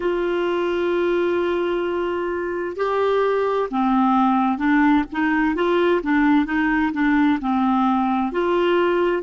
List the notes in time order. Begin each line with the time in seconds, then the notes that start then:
0.00 F4
2.76 G4
3.70 C4
4.57 D4
5.11 D#4
5.55 F4
6.03 D4
6.45 D#4
6.92 D4
7.41 C4
8.32 F4